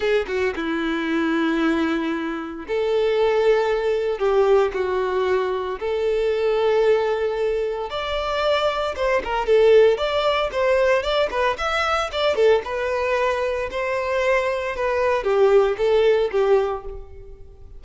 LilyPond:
\new Staff \with { instrumentName = "violin" } { \time 4/4 \tempo 4 = 114 gis'8 fis'8 e'2.~ | e'4 a'2. | g'4 fis'2 a'4~ | a'2. d''4~ |
d''4 c''8 ais'8 a'4 d''4 | c''4 d''8 b'8 e''4 d''8 a'8 | b'2 c''2 | b'4 g'4 a'4 g'4 | }